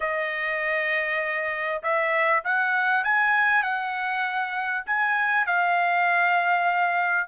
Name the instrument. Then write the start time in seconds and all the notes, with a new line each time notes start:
trumpet
0.00 D#5
1.82 E5
2.44 F#5
3.04 G#5
3.62 F#5
4.86 G#5
5.46 F5